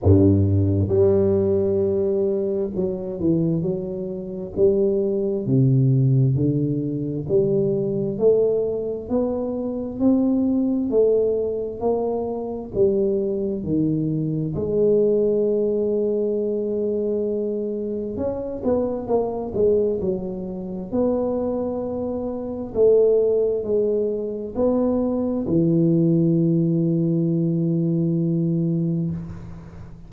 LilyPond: \new Staff \with { instrumentName = "tuba" } { \time 4/4 \tempo 4 = 66 g,4 g2 fis8 e8 | fis4 g4 c4 d4 | g4 a4 b4 c'4 | a4 ais4 g4 dis4 |
gis1 | cis'8 b8 ais8 gis8 fis4 b4~ | b4 a4 gis4 b4 | e1 | }